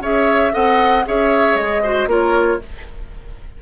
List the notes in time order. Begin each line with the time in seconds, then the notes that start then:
0.00 C#4 G#4 C#5 E5
0.51 C4 A4 D#5 F#5
1.05 C#4 G#4 C#5 E5
1.54 G#3 D#5
1.82 F#4 C5
2.06 A#3 F4 A#4 C#5